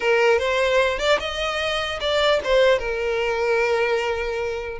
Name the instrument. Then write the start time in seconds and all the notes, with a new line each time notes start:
violin
0.00 A#4
0.38 C5
0.99 D5
1.19 D#5
2.00 D5
2.44 C5
2.79 A#4